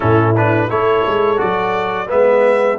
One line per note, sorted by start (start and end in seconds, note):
0.00 0.70 A2
0.00 0.35 C#4
0.00 0.68 E4
0.00 0.35 A4
0.36 0.69 D4
0.36 0.70 B4
0.69 1.05 A3
0.69 1.36 E4
0.69 2.09 A4
0.69 1.39 C#5
1.06 1.41 G#3
1.36 2.10 F#3
1.36 2.06 F#4
1.36 2.09 D5
2.07 2.79 G#3
2.07 2.77 B3
2.07 2.79 B4
2.07 2.79 E5